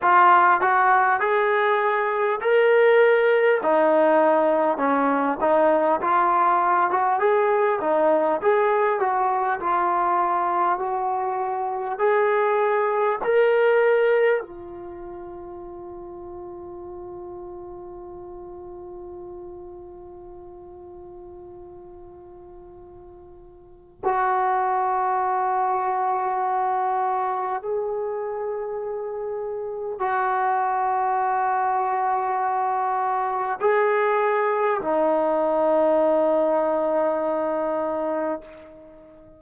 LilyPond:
\new Staff \with { instrumentName = "trombone" } { \time 4/4 \tempo 4 = 50 f'8 fis'8 gis'4 ais'4 dis'4 | cis'8 dis'8 f'8. fis'16 gis'8 dis'8 gis'8 fis'8 | f'4 fis'4 gis'4 ais'4 | f'1~ |
f'1 | fis'2. gis'4~ | gis'4 fis'2. | gis'4 dis'2. | }